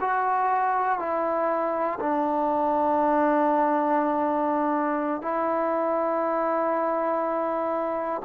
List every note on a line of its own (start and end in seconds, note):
0.00 0.99 F#4
0.99 1.99 E4
2.00 5.21 D4
5.21 8.21 E4